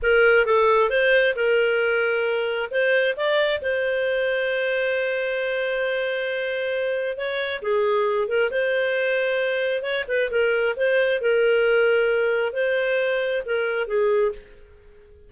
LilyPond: \new Staff \with { instrumentName = "clarinet" } { \time 4/4 \tempo 4 = 134 ais'4 a'4 c''4 ais'4~ | ais'2 c''4 d''4 | c''1~ | c''1 |
cis''4 gis'4. ais'8 c''4~ | c''2 cis''8 b'8 ais'4 | c''4 ais'2. | c''2 ais'4 gis'4 | }